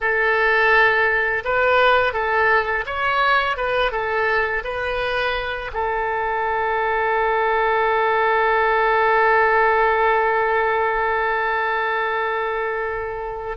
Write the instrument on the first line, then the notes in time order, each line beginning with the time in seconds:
oboe
0.00 A4
1.44 B4
2.13 A4
2.85 C#5
3.56 B4
3.91 A4
4.64 B4
5.73 A4